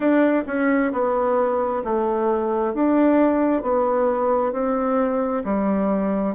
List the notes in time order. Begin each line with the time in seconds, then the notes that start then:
0.00 D4
0.46 C#4
0.92 B3
1.84 A3
2.74 D4
3.62 B3
4.52 C4
5.44 G3